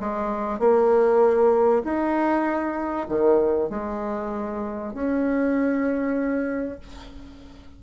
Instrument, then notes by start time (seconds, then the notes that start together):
bassoon
0.00 G#3
0.60 A#3
1.84 D#4
3.09 D#3
3.70 G#3
4.94 C#4